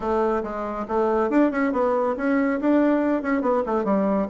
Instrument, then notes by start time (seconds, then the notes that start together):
bassoon
0.00 A3
0.43 G#3
0.88 A3
1.30 D4
1.51 C#4
1.72 B3
2.16 C#4
2.60 D4
3.22 C#4
3.41 B3
3.66 A3
3.84 G3